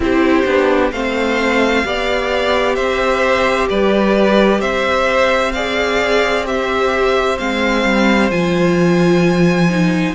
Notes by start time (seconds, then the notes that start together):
0.00 C4 E4 G4 C5
0.45 B3 D4
0.91 A3 C4 C5 F5
1.84 B3 G4 D5
2.75 C4 C5 E5
3.69 G3 B4 D5
4.60 C4 C5 E5
5.52 G#4 D5 F5
6.44 G4 C5 E5
7.37 G#3 C4 F5
7.84 G3
8.29 F3 F4 G#5
9.69 D#4